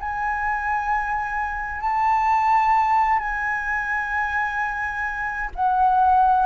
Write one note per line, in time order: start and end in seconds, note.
0.00 1.81 G#5
1.81 3.19 A5
3.20 5.50 G#5
5.56 6.46 F#5